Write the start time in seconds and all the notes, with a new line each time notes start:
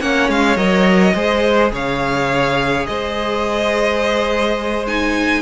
0.00 A#3 C#4 C#5 F#5
0.29 G#3 F5
0.56 F#3 A#4 D#5
1.14 G#3 G#4 C5
1.72 C#3 C#5 F5
2.86 G#3 C5 D#5
4.87 D#4 G#5